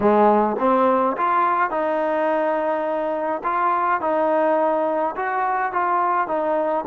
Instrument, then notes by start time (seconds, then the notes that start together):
trombone
0.00 G#3
0.59 C4
1.17 F4
1.70 D#4
3.43 F4
4.00 D#4
5.16 F#4
5.72 F4
6.27 D#4